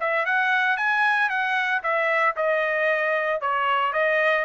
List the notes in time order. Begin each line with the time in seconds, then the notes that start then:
0.00 E5
0.25 F#5
0.77 G#5
1.29 F#5
1.83 E5
2.36 D#5
3.41 C#5
3.93 D#5